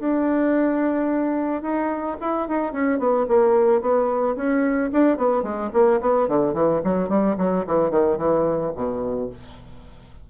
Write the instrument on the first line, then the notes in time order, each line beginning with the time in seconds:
bassoon
0.00 D4
1.62 D#4
2.21 E4
2.48 D#4
2.73 C#4
2.99 B3
3.29 A#3
3.82 B3
4.36 C#4
4.93 D4
5.17 B3
5.43 G#3
5.74 A#3
6.01 B3
6.28 D3
6.54 E3
6.84 F#3
7.09 G3
7.38 F#3
7.67 E3
7.91 D#3
8.18 E3
8.75 B2